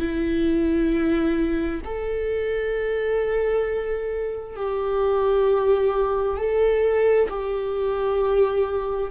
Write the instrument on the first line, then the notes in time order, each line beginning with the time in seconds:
viola
0.00 E4
1.85 A4
4.57 G4
6.38 A4
7.30 G4